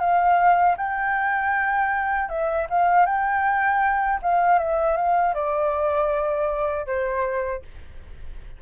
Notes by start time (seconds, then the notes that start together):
0.00 F5
0.77 G5
2.29 E5
2.70 F5
3.06 G5
4.22 F5
4.59 E5
4.97 F5
5.34 D5
6.86 C5